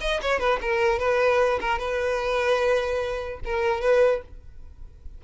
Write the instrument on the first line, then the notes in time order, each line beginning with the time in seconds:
violin
0.00 D#5
0.22 C#5
0.39 B4
0.61 A#4
0.99 B4
1.60 A#4
1.78 B4
3.45 A#4
3.81 B4